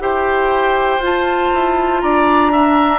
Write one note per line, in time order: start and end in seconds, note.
0.00 0.98 E4
0.00 1.00 G4
0.00 2.02 C5
0.00 1.02 G5
0.98 1.48 F4
0.98 2.52 F4
1.05 2.01 A5
1.54 2.03 E4
2.01 2.99 D4
2.01 2.52 D5
2.01 2.99 A#5
2.52 2.99 D4
2.52 2.99 E5